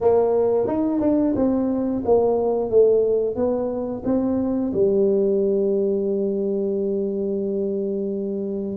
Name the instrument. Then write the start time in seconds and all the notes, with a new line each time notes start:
tuba
0.00 A#3
0.67 D#4
1.00 D4
1.35 C4
2.05 A#3
2.70 A3
3.35 B3
4.04 C4
4.73 G3